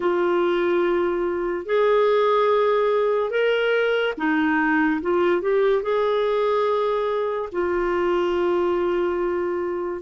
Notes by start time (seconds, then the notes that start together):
0.00 F4
1.65 G#4
3.30 A#4
4.17 D#4
5.01 F4
5.41 G4
5.82 G#4
7.52 F4